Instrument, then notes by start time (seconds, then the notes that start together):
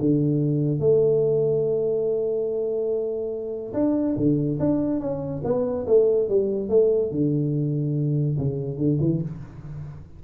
tuba
0.00 D3
0.80 A3
3.74 D4
4.17 D3
4.60 D4
5.00 C#4
5.44 B3
5.87 A3
6.29 G3
6.69 A3
7.11 D3
8.38 C#3
8.78 D3
9.01 E3